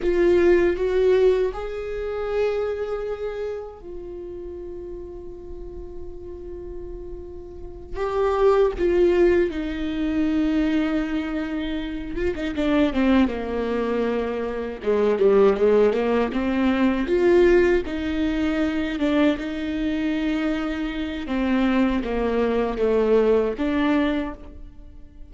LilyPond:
\new Staff \with { instrumentName = "viola" } { \time 4/4 \tempo 4 = 79 f'4 fis'4 gis'2~ | gis'4 f'2.~ | f'2~ f'8 g'4 f'8~ | f'8 dis'2.~ dis'8 |
f'16 dis'16 d'8 c'8 ais2 gis8 | g8 gis8 ais8 c'4 f'4 dis'8~ | dis'4 d'8 dis'2~ dis'8 | c'4 ais4 a4 d'4 | }